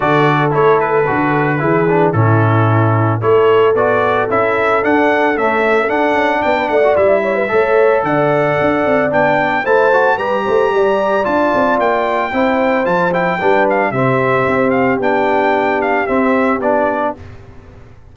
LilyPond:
<<
  \new Staff \with { instrumentName = "trumpet" } { \time 4/4 \tempo 4 = 112 d''4 cis''8 b'2~ b'8 | a'2 cis''4 d''4 | e''4 fis''4 e''4 fis''4 | g''8 fis''8 e''2 fis''4~ |
fis''4 g''4 a''4 ais''4~ | ais''4 a''4 g''2 | a''8 g''4 f''8 e''4. f''8 | g''4. f''8 e''4 d''4 | }
  \new Staff \with { instrumentName = "horn" } { \time 4/4 a'2. gis'4 | e'2 a'2~ | a'1 | d''16 b'16 d''4 cis''16 b'16 cis''4 d''4~ |
d''2 c''4 b'8 c''8 | d''2. c''4~ | c''4 b'4 g'2~ | g'1 | }
  \new Staff \with { instrumentName = "trombone" } { \time 4/4 fis'4 e'4 fis'4 e'8 d'8 | cis'2 e'4 fis'4 | e'4 d'4 a4 d'4~ | d'8. fis'16 e'4 a'2~ |
a'4 d'4 e'8 fis'8 g'4~ | g'4 f'2 e'4 | f'8 e'8 d'4 c'2 | d'2 c'4 d'4 | }
  \new Staff \with { instrumentName = "tuba" } { \time 4/4 d4 a4 d4 e4 | a,2 a4 b4 | cis'4 d'4 cis'4 d'8 cis'8 | b8 a8 g4 a4 d4 |
d'8 c'8 b4 a4 g8 a8 | g4 d'8 c'8 ais4 c'4 | f4 g4 c4 c'4 | b2 c'4 b4 | }
>>